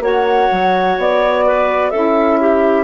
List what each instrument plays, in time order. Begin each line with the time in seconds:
0.00 bassoon A#3, saxophone F#4, clarinet C#5, flute F#5
0.52 bassoon F#3
0.98 bassoon B3, flute D5
1.46 clarinet B4
1.90 bassoon C#4, saxophone E4, clarinet A4, flute E5
2.40 clarinet G4